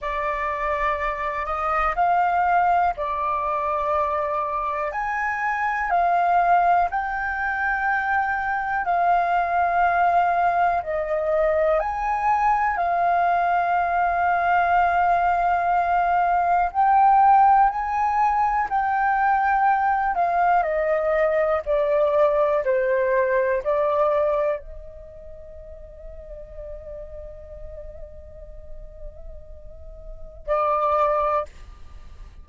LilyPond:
\new Staff \with { instrumentName = "flute" } { \time 4/4 \tempo 4 = 61 d''4. dis''8 f''4 d''4~ | d''4 gis''4 f''4 g''4~ | g''4 f''2 dis''4 | gis''4 f''2.~ |
f''4 g''4 gis''4 g''4~ | g''8 f''8 dis''4 d''4 c''4 | d''4 dis''2.~ | dis''2. d''4 | }